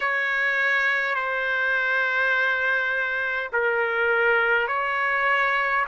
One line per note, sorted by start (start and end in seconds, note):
0.00 1.15 C#5
1.15 3.50 C5
3.52 4.67 A#4
4.67 5.85 C#5